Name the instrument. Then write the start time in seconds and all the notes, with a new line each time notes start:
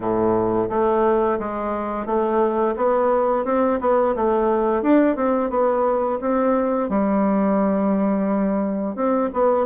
bassoon
0.00 A2
0.69 A3
1.39 G#3
2.05 A3
2.76 B3
3.45 C4
3.80 B3
4.15 A3
4.82 D4
5.16 C4
5.50 B3
6.20 C4
6.89 G3
8.95 C4
9.33 B3